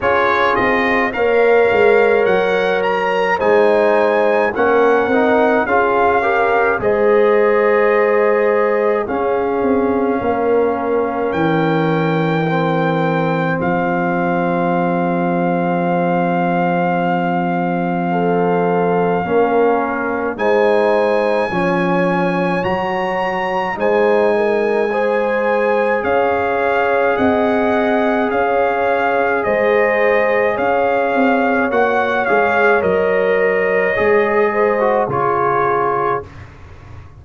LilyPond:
<<
  \new Staff \with { instrumentName = "trumpet" } { \time 4/4 \tempo 4 = 53 cis''8 dis''8 f''4 fis''8 ais''8 gis''4 | fis''4 f''4 dis''2 | f''2 g''2 | f''1~ |
f''2 gis''2 | ais''4 gis''2 f''4 | fis''4 f''4 dis''4 f''4 | fis''8 f''8 dis''2 cis''4 | }
  \new Staff \with { instrumentName = "horn" } { \time 4/4 gis'4 cis''2 c''4 | ais'4 gis'8 ais'8 c''2 | gis'4 ais'2. | gis'1 |
a'4 ais'4 c''4 cis''4~ | cis''4 c''8 ais'8 c''4 cis''4 | dis''4 cis''4 c''4 cis''4~ | cis''2~ cis''8 c''8 gis'4 | }
  \new Staff \with { instrumentName = "trombone" } { \time 4/4 f'4 ais'2 dis'4 | cis'8 dis'8 f'8 g'8 gis'2 | cis'2. c'4~ | c'1~ |
c'4 cis'4 dis'4 cis'4 | fis'4 dis'4 gis'2~ | gis'1 | fis'8 gis'8 ais'4 gis'8. fis'16 f'4 | }
  \new Staff \with { instrumentName = "tuba" } { \time 4/4 cis'8 c'8 ais8 gis8 fis4 gis4 | ais8 c'8 cis'4 gis2 | cis'8 c'8 ais4 e2 | f1~ |
f4 ais4 gis4 f4 | fis4 gis2 cis'4 | c'4 cis'4 gis4 cis'8 c'8 | ais8 gis8 fis4 gis4 cis4 | }
>>